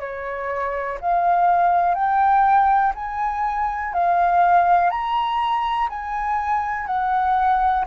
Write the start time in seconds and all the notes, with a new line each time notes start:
0.00 C#5
1.01 F5
1.94 G5
2.95 G#5
3.93 F5
4.90 A#5
5.90 G#5
6.87 F#5